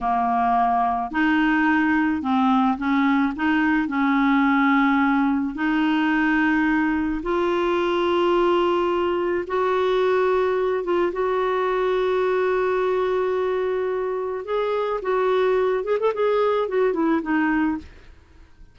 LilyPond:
\new Staff \with { instrumentName = "clarinet" } { \time 4/4 \tempo 4 = 108 ais2 dis'2 | c'4 cis'4 dis'4 cis'4~ | cis'2 dis'2~ | dis'4 f'2.~ |
f'4 fis'2~ fis'8 f'8 | fis'1~ | fis'2 gis'4 fis'4~ | fis'8 gis'16 a'16 gis'4 fis'8 e'8 dis'4 | }